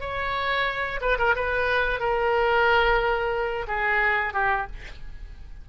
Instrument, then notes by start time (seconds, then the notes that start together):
oboe
0.00 C#5
1.01 B4
1.18 A#4
1.35 B4
2.00 A#4
3.67 G#4
4.33 G4